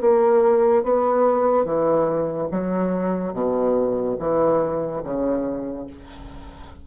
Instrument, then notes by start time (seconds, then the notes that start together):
bassoon
0.00 A#3
0.83 B3
1.64 E3
2.51 F#3
3.33 B2
4.19 E3
5.03 C#3